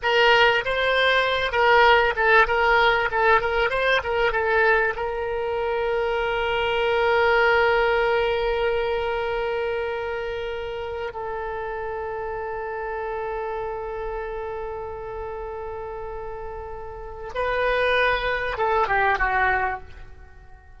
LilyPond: \new Staff \with { instrumentName = "oboe" } { \time 4/4 \tempo 4 = 97 ais'4 c''4. ais'4 a'8 | ais'4 a'8 ais'8 c''8 ais'8 a'4 | ais'1~ | ais'1~ |
ais'2 a'2~ | a'1~ | a'1 | b'2 a'8 g'8 fis'4 | }